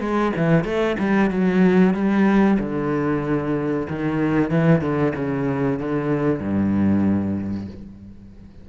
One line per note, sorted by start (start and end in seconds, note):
0.00 0.32 G#3
0.37 0.64 E3
0.64 0.96 A3
0.99 1.31 G3
1.31 1.94 F#3
1.94 2.58 G3
2.60 3.87 D3
3.89 4.50 D#3
4.50 4.81 E3
4.81 5.13 D3
5.16 5.79 C#3
5.79 6.40 D3
6.40 7.67 G2